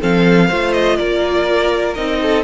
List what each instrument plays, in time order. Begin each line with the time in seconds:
0.00 cello F3, viola C4, violin A4 F5
0.48 cello A3, viola F4, violin C5
0.73 violin D#5
0.96 cello A#3, violin A#4 D5
1.94 cello C4, viola D#4, violin D#5
2.22 violin A4